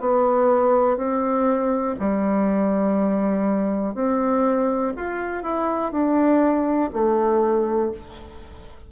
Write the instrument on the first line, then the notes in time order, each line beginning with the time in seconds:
bassoon
0.00 B3
0.97 C4
1.99 G3
3.94 C4
4.96 F4
5.43 E4
5.92 D4
6.93 A3